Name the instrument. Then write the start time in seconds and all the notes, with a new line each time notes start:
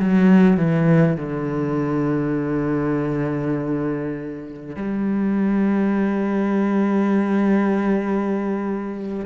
cello
0.00 F#3
0.57 E3
1.16 D3
4.76 G3